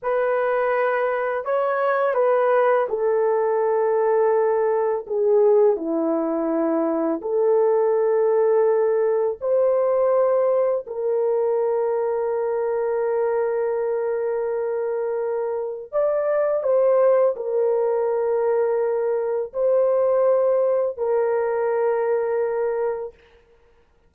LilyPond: \new Staff \with { instrumentName = "horn" } { \time 4/4 \tempo 4 = 83 b'2 cis''4 b'4 | a'2. gis'4 | e'2 a'2~ | a'4 c''2 ais'4~ |
ais'1~ | ais'2 d''4 c''4 | ais'2. c''4~ | c''4 ais'2. | }